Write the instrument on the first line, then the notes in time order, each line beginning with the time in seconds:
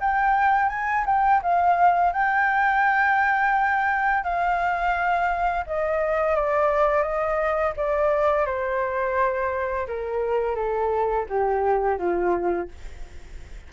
flute
0.00 G5
0.69 G#5
1.05 G5
1.42 F5
2.12 G5
4.23 F5
5.66 D#5
6.35 D5
7.02 D#5
7.76 D5
8.46 C5
9.87 A#4
10.55 A4
11.29 G4
11.98 F4